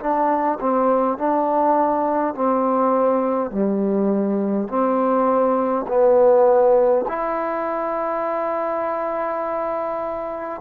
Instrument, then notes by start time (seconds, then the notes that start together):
trombone
0.00 D4
0.60 C4
1.18 D4
2.35 C4
3.51 G3
4.68 C4
5.88 B3
7.09 E4